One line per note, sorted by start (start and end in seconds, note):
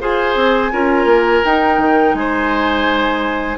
0.00 0.35 F4
0.00 0.71 G#4
0.00 0.72 C5
0.00 1.45 G#5
0.35 0.71 C4
0.72 1.04 C#4
0.72 1.43 F4
0.72 2.15 A#4
1.04 1.40 A#3
1.44 1.77 D#4
1.44 3.57 D#4
1.44 2.14 G5
1.77 2.13 D#3
2.14 3.56 G#3
2.14 3.57 C5
2.14 3.57 G#5